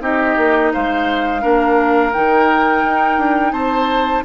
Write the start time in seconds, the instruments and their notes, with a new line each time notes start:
0.00 bassoon C4, clarinet D#4, oboe G4, flute D#5
0.37 bassoon A#3
0.73 bassoon G#3, oboe C5, flute F5
1.41 bassoon A#3, clarinet D4, oboe A#4
2.12 bassoon D#3, clarinet D#4, flute G5
2.84 bassoon D#4
3.17 bassoon D4
3.52 bassoon C4, oboe C5, flute A5